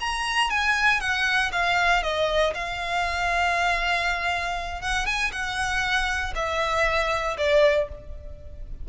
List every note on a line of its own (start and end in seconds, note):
0.00 0.50 A#5
0.50 1.01 G#5
1.01 1.51 F#5
1.52 2.03 F5
2.03 2.54 D#5
2.54 4.81 F5
4.81 5.06 F#5
5.06 5.31 G#5
5.32 6.34 F#5
6.35 7.37 E5
7.38 7.89 D5